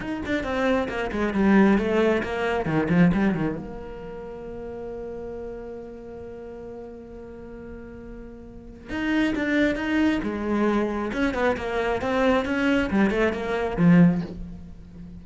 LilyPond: \new Staff \with { instrumentName = "cello" } { \time 4/4 \tempo 4 = 135 dis'8 d'8 c'4 ais8 gis8 g4 | a4 ais4 dis8 f8 g8 dis8 | ais1~ | ais1~ |
ais1 | dis'4 d'4 dis'4 gis4~ | gis4 cis'8 b8 ais4 c'4 | cis'4 g8 a8 ais4 f4 | }